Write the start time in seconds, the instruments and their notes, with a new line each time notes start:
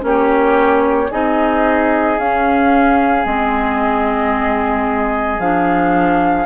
0.00 bassoon A#3, clarinet C#4, oboe G4, flute C#5
1.11 bassoon C4, clarinet D#4, oboe G#4, flute D#5
2.18 bassoon C#4, clarinet C#4, flute F5
3.24 bassoon G#3, clarinet C4, flute D#5
5.39 bassoon F3, clarinet D4, flute F5